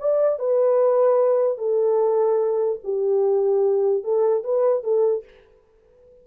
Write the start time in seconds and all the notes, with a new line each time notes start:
0.00 D5
0.40 B4
1.58 A4
2.84 G4
4.04 A4
4.44 B4
4.84 A4